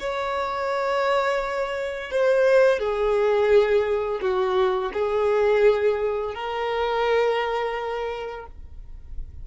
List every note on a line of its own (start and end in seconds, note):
0.00 2.11 C#5
2.11 2.79 C5
2.79 4.21 G#4
4.22 4.92 F#4
4.93 6.35 G#4
6.35 8.46 A#4